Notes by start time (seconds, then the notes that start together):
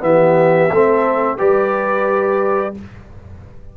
0.00 E3 B3 G4 E5
0.71 A3 C4 A4
1.37 G3 G4 B4 D5